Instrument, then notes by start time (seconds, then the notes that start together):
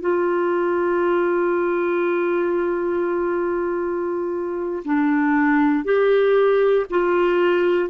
clarinet
0.00 F4
4.84 D4
5.84 G4
6.90 F4